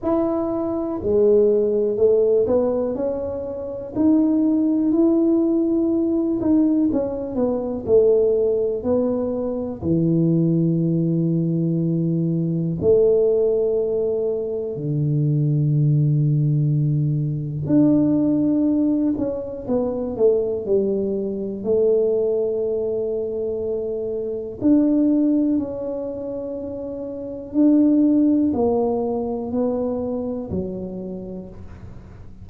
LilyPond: \new Staff \with { instrumentName = "tuba" } { \time 4/4 \tempo 4 = 61 e'4 gis4 a8 b8 cis'4 | dis'4 e'4. dis'8 cis'8 b8 | a4 b4 e2~ | e4 a2 d4~ |
d2 d'4. cis'8 | b8 a8 g4 a2~ | a4 d'4 cis'2 | d'4 ais4 b4 fis4 | }